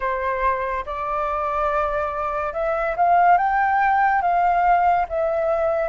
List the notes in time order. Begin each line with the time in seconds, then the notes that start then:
0.00 C5
0.85 D5
2.53 E5
2.96 F5
3.37 G5
4.21 F5
5.08 E5